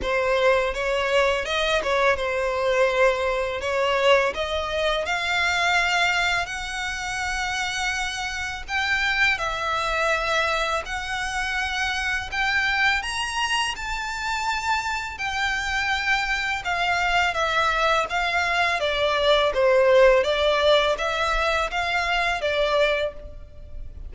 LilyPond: \new Staff \with { instrumentName = "violin" } { \time 4/4 \tempo 4 = 83 c''4 cis''4 dis''8 cis''8 c''4~ | c''4 cis''4 dis''4 f''4~ | f''4 fis''2. | g''4 e''2 fis''4~ |
fis''4 g''4 ais''4 a''4~ | a''4 g''2 f''4 | e''4 f''4 d''4 c''4 | d''4 e''4 f''4 d''4 | }